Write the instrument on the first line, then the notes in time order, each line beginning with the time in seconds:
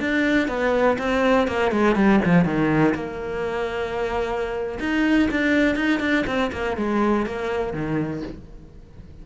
cello
0.00 D4
0.48 B3
0.98 C4
1.48 A#3
1.71 G#3
1.95 G3
2.25 F3
2.45 D#3
2.94 A#3
4.80 D#4
5.31 D4
5.75 D#4
6.00 D4
6.26 C4
6.52 A#3
6.77 G#3
7.26 A#3
7.73 D#3